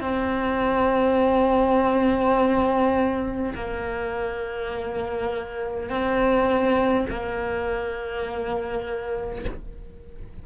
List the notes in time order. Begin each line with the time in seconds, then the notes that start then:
0.00 C4
3.55 A#3
5.90 C4
7.10 A#3